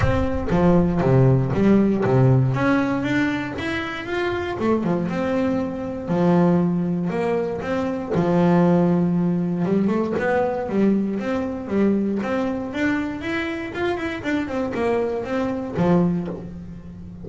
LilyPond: \new Staff \with { instrumentName = "double bass" } { \time 4/4 \tempo 4 = 118 c'4 f4 c4 g4 | c4 cis'4 d'4 e'4 | f'4 a8 f8 c'2 | f2 ais4 c'4 |
f2. g8 a8 | b4 g4 c'4 g4 | c'4 d'4 e'4 f'8 e'8 | d'8 c'8 ais4 c'4 f4 | }